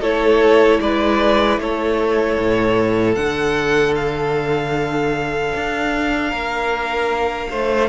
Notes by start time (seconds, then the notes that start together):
0.00 A3 E4 A4 C#5
0.80 G#3 B4 D5
1.58 A3 A4 C#5
2.38 A2
3.14 D3 D4 F#5
3.95 F5
5.54 D4
6.29 A#3 A#4
7.50 A3 C5